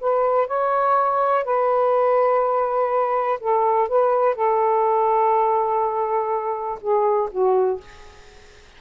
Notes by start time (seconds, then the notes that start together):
0.00 B4
0.47 C#5
1.44 B4
3.39 A4
3.88 B4
4.35 A4
6.80 G#4
7.31 F#4